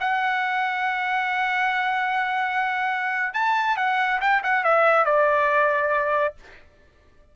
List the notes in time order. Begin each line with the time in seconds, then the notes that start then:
0.00 F#5
3.34 A5
3.77 F#5
4.21 G5
4.43 F#5
4.64 E5
5.05 D5